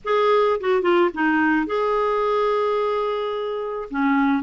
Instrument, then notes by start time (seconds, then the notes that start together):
clarinet
0.04 G#4
0.60 F#4
0.82 F4
1.14 D#4
1.66 G#4
3.90 C#4